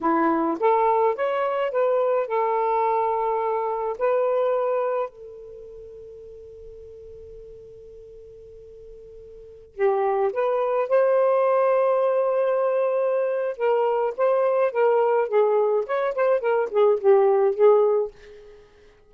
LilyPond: \new Staff \with { instrumentName = "saxophone" } { \time 4/4 \tempo 4 = 106 e'4 a'4 cis''4 b'4 | a'2. b'4~ | b'4 a'2.~ | a'1~ |
a'4~ a'16 g'4 b'4 c''8.~ | c''1 | ais'4 c''4 ais'4 gis'4 | cis''8 c''8 ais'8 gis'8 g'4 gis'4 | }